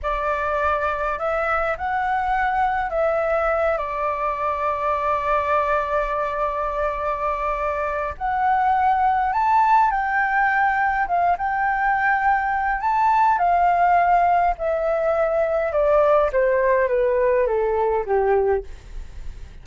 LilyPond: \new Staff \with { instrumentName = "flute" } { \time 4/4 \tempo 4 = 103 d''2 e''4 fis''4~ | fis''4 e''4. d''4.~ | d''1~ | d''2 fis''2 |
a''4 g''2 f''8 g''8~ | g''2 a''4 f''4~ | f''4 e''2 d''4 | c''4 b'4 a'4 g'4 | }